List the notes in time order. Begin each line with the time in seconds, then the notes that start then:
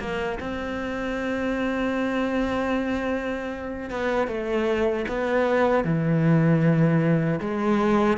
0.00 A#3
0.40 C4
3.90 B3
4.28 A3
5.08 B3
5.84 E3
7.40 G#3